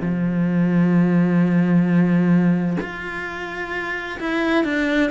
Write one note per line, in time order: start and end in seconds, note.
0.00 2.77 F3
2.81 4.19 F4
4.19 4.64 E4
4.64 5.10 D4